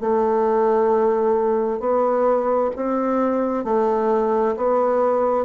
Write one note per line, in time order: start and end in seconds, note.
0.00 1.80 A3
1.80 2.71 B3
2.76 3.64 C4
3.64 4.55 A3
4.56 5.45 B3